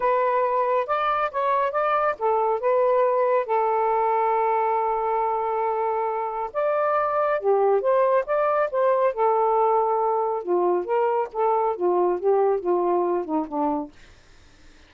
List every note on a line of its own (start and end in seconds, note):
0.00 0.87 B4
0.87 1.30 D5
1.31 1.71 C#5
1.71 2.15 D5
2.18 2.59 A4
2.59 3.46 B4
3.46 6.50 A4
6.53 7.40 D5
7.40 7.81 G4
7.81 8.24 C5
8.26 8.69 D5
8.71 9.13 C5
9.13 10.42 A4
10.42 10.85 F4
10.85 11.28 A#4
11.32 11.76 A4
11.76 12.19 F4
12.19 12.60 G4
12.60 13.24 F4
13.24 13.46 D#4
13.47 13.91 D4